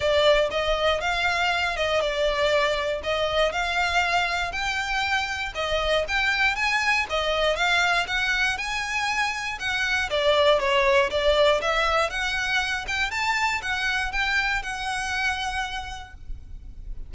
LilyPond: \new Staff \with { instrumentName = "violin" } { \time 4/4 \tempo 4 = 119 d''4 dis''4 f''4. dis''8 | d''2 dis''4 f''4~ | f''4 g''2 dis''4 | g''4 gis''4 dis''4 f''4 |
fis''4 gis''2 fis''4 | d''4 cis''4 d''4 e''4 | fis''4. g''8 a''4 fis''4 | g''4 fis''2. | }